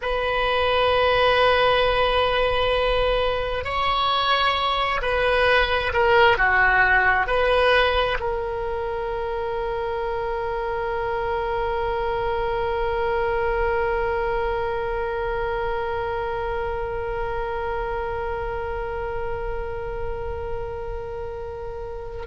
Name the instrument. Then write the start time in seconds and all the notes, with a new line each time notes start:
oboe
0.01 B4
3.64 C#5
5.01 B4
5.93 A#4
6.37 F#4
7.26 B4
8.19 A#4